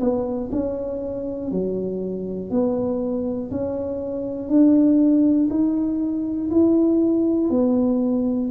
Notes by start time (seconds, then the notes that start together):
0.00 B3
0.51 C#4
1.50 F#3
2.50 B3
3.50 C#4
4.49 D4
5.50 D#4
6.50 E4
7.50 B3